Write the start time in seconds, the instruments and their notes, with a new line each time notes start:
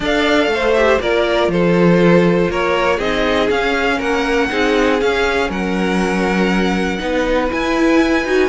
0.00 cello D4, viola A4, violin D5 F5
0.47 cello A3
0.54 violin C5
0.73 viola G4, violin E5
1.01 cello A#3, viola F4, violin A#4 D5
1.48 cello F3, violin A4 C5
2.50 cello A#3, violin A#4 C#5
2.97 cello C4, viola D#4, violin G#4 D#5
3.49 cello C#4, viola C#4, violin F5
3.97 cello A#3, violin A#4 F#5
4.50 cello C4, viola D#4, violin G#4
5.00 cello C#4, viola C#4, violin F5
5.49 cello F#3, violin A#4 F#5
6.98 cello B3, viola D#4, violin B4
7.51 viola E4, cello E4, violin G#5
8.24 cello D#4, viola F#4